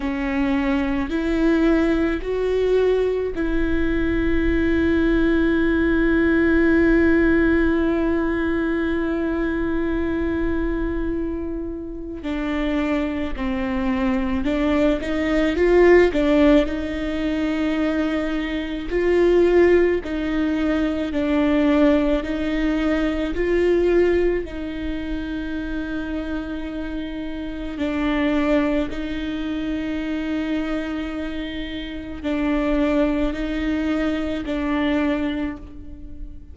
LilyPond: \new Staff \with { instrumentName = "viola" } { \time 4/4 \tempo 4 = 54 cis'4 e'4 fis'4 e'4~ | e'1~ | e'2. d'4 | c'4 d'8 dis'8 f'8 d'8 dis'4~ |
dis'4 f'4 dis'4 d'4 | dis'4 f'4 dis'2~ | dis'4 d'4 dis'2~ | dis'4 d'4 dis'4 d'4 | }